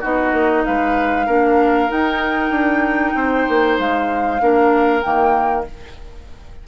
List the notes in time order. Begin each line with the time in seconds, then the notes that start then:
0.00 B3 D#4 F#4 D#5
0.32 A#3
0.65 G#3 B4 F5
1.26 A#3 D4 A#4
1.89 D#4 G5
2.50 D4
3.15 C4 C5
3.49 A#3
3.78 G#3 F5
4.40 A#3 D4 A#4
5.01 D#3 A#3 G5